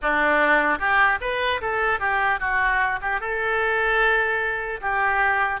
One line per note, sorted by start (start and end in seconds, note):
0.01 0.79 D4
0.79 1.19 G4
1.20 1.60 B4
1.61 1.99 A4
1.99 2.39 G4
2.39 2.99 F#4
3.01 3.20 G4
3.20 4.80 A4
4.81 5.60 G4